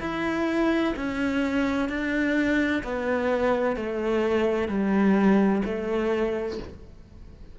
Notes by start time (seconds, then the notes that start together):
0.00 E4
0.96 C#4
1.88 D4
2.83 B3
3.76 A3
4.68 G3
5.65 A3